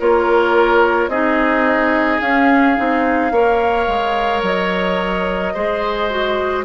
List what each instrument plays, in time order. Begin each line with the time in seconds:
0.00 bassoon A#3, clarinet F4, oboe A#4, flute C#5
1.08 bassoon C4, clarinet D#4, oboe G#4, flute D#5
2.21 bassoon C#4, clarinet C#4, flute F5
2.77 bassoon C4, clarinet D#4
3.31 bassoon A#3, clarinet A#4, oboe C#5
3.88 bassoon G#3
4.43 bassoon F#3, flute D#5
5.54 bassoon G#3, clarinet G#4, oboe C5
6.10 clarinet F#4